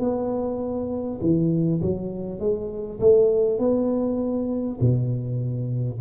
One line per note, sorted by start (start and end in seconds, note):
0.00 1.20 B3
1.21 1.81 E3
1.82 2.39 F#3
2.39 2.99 G#3
3.00 3.59 A3
3.59 4.79 B3
4.81 6.01 B2